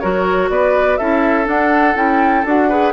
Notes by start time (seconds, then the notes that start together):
0.00 F#3 F#4 A#4 C#5
0.50 B3 B4 D5
0.97 C#4 E4 A4 E5
1.45 D4 F#5
1.96 C#4 E4 G5
2.45 D4 F#4 F#5
2.69 G#4 B4